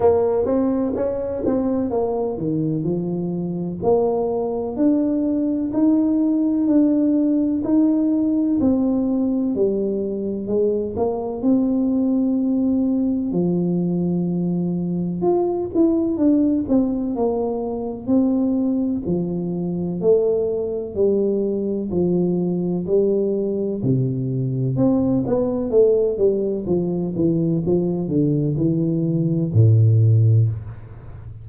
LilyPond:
\new Staff \with { instrumentName = "tuba" } { \time 4/4 \tempo 4 = 63 ais8 c'8 cis'8 c'8 ais8 dis8 f4 | ais4 d'4 dis'4 d'4 | dis'4 c'4 g4 gis8 ais8 | c'2 f2 |
f'8 e'8 d'8 c'8 ais4 c'4 | f4 a4 g4 f4 | g4 c4 c'8 b8 a8 g8 | f8 e8 f8 d8 e4 a,4 | }